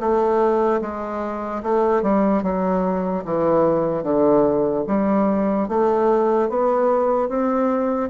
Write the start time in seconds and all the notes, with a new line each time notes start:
0.00 A3
0.81 G#3
1.63 A3
2.02 G3
2.43 F#3
3.25 E3
4.04 D3
4.87 G3
5.68 A3
6.49 B3
7.29 C4